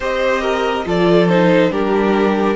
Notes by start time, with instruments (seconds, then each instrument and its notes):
0.00 cello C4, viola G4, violin C5 D#5
0.41 violin A#4
0.85 cello F3, viola F4, violin A4 D5
1.29 viola D#4, violin C5
1.70 cello G3, viola D4, violin G4 A#4